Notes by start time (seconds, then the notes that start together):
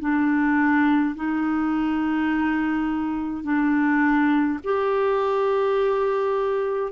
0.00 D4
1.15 D#4
3.44 D4
4.64 G4